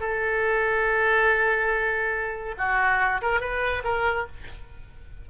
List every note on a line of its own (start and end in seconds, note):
0.00 2.55 A4
2.58 3.21 F#4
3.22 3.40 A#4
3.40 3.83 B4
3.84 4.26 A#4